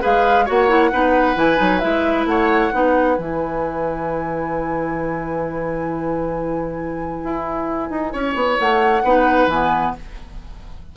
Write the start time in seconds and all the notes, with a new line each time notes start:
0.00 G#3 G#4 B4 F5
0.45 A#3 F#4 C#5 F#5
0.68 E4
0.92 B3 D#4 B4
1.36 E3 E4 G#5
1.56 F#3 D#4
1.79 G#3 E4 E5
2.26 A3 C#5 F#5
2.72 B3 D#4 B4
3.17 E3 E4 G#5
7.24 E4
7.90 D#4
8.12 C#4 C#5
8.34 B3
8.59 A3 F#5
9.03 B3 D#4 B4
9.47 E3 B3 G#5